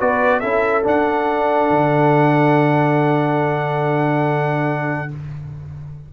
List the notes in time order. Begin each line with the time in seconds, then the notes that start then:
0.00 B3 F#4 B4 D5
0.40 C#4 E4 A4 E5
0.83 D4 F#5
1.70 D3